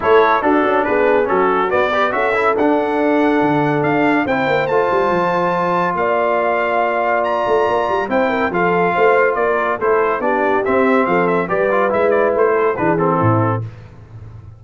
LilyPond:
<<
  \new Staff \with { instrumentName = "trumpet" } { \time 4/4 \tempo 4 = 141 cis''4 a'4 b'4 a'4 | d''4 e''4 fis''2~ | fis''4 f''4 g''4 a''4~ | a''2 f''2~ |
f''4 ais''2 g''4 | f''2 d''4 c''4 | d''4 e''4 f''8 e''8 d''4 | e''8 d''8 c''4 b'8 a'4. | }
  \new Staff \with { instrumentName = "horn" } { \time 4/4 a'4 fis'4 gis'4 fis'4~ | fis'8 b'8 a'2.~ | a'2 c''2~ | c''2 d''2~ |
d''2. c''8 ais'8 | a'4 c''4 ais'4 a'4 | g'2 a'4 b'4~ | b'4. a'8 gis'4 e'4 | }
  \new Staff \with { instrumentName = "trombone" } { \time 4/4 e'4 d'2 cis'4 | b8 g'8 fis'8 e'8 d'2~ | d'2 e'4 f'4~ | f'1~ |
f'2. e'4 | f'2. e'4 | d'4 c'2 g'8 f'8 | e'2 d'8 c'4. | }
  \new Staff \with { instrumentName = "tuba" } { \time 4/4 a4 d'8 cis'8 b4 fis4 | b4 cis'4 d'2 | d4 d'4 c'8 ais8 a8 g8 | f2 ais2~ |
ais4. a8 ais8 g8 c'4 | f4 a4 ais4 a4 | b4 c'4 f4 g4 | gis4 a4 e4 a,4 | }
>>